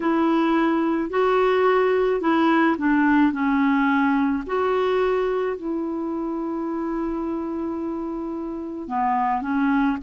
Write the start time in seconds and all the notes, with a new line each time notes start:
0.00 E4
1.10 F#4
2.20 E4
2.78 D4
3.32 C#4
4.46 F#4
5.56 E4
8.87 B3
9.41 C#4